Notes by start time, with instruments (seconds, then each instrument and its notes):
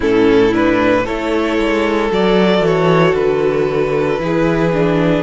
0.00 cello A2, viola C#4, violin E4 A4
0.52 viola D4, violin B4
1.04 cello A3, viola E4, violin A4 C#5
1.58 cello G#3
2.11 cello F#3, viola F#4, violin D5
2.60 cello E3, violin C#5
3.14 cello D3, violin B4
4.19 cello E3, viola E4, violin G#4
4.72 viola D4